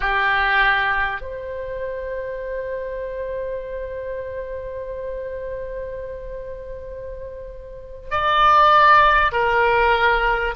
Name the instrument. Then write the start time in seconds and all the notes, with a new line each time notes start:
oboe
0.00 G4
1.21 C5
8.10 D5
9.32 A#4